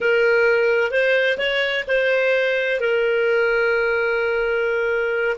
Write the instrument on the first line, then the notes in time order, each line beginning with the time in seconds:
clarinet
0.00 A#4
0.91 C5
1.37 C#5
1.87 C5
2.80 A#4